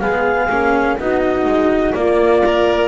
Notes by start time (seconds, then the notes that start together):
0.00 G#3 B3 G#4 F5
0.50 A#3 C#4
0.99 B3 D#4 F#4 D#5
1.45 G#3
1.94 A#3 F4 D5
2.46 A#4